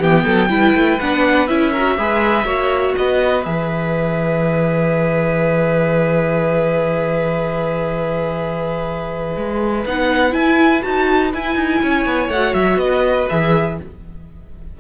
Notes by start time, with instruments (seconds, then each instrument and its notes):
0.00 cello E3, viola B3, violin G4 G5
0.25 cello F#3, violin A4
0.50 cello G3, viola E4, violin B4
0.75 cello A3
1.00 cello B3, viola D4, violin F#5
1.48 cello C#4, viola E4, violin E5
1.72 viola F#4, violin A#4
1.98 cello G#3, viola G#4, violin B4
2.45 cello A#3, viola F#4, violin C#5
2.97 cello B3, violin B4 D#5
3.45 cello E3, viola G#4, violin E5
9.37 cello G#3
9.86 cello B3, viola D#4, violin F#5
10.31 viola E4, cello E4, violin G#5
10.82 cello D#4, viola F#4, violin A5
11.34 cello E4, viola E4, violin G#5
11.56 cello D#4
11.83 cello C#4, violin C#5
12.06 cello B3
12.29 cello A3, viola F#4, violin F#5
12.54 cello F#3, violin E5
12.76 cello B3, violin B4 D#5
13.30 cello E3, viola G#4, violin E5